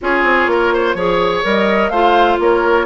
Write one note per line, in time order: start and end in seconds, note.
0.01 0.23 C#4
0.01 0.97 F4
0.01 0.50 G#4
0.01 1.46 C#5
0.23 0.46 C4
0.46 0.94 A#3
0.46 0.73 A#4
0.73 0.96 C5
0.94 1.42 F3
0.94 1.43 G#4
0.94 1.90 C#5
1.43 1.89 G3
1.43 1.91 A#4
1.43 1.89 D#5
1.89 2.37 A3
1.89 2.85 F4
1.89 2.38 C5
1.89 2.37 F5
2.39 2.85 A#3
2.39 2.85 A#4
2.39 2.85 C#5